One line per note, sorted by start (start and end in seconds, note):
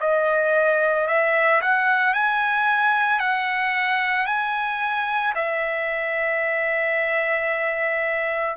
0.00 1.07 D#5
1.08 1.61 E5
1.62 2.14 F#5
2.14 3.19 G#5
3.19 4.26 F#5
4.26 5.33 G#5
5.35 8.57 E5